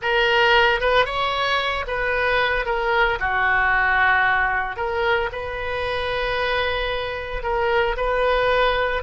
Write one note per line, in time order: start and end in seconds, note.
0.02 0.80 A#4
0.80 1.05 B4
1.05 1.85 C#5
1.87 2.65 B4
2.65 3.18 A#4
3.19 4.76 F#4
4.76 5.29 A#4
5.32 7.43 B4
7.43 7.96 A#4
7.96 9.02 B4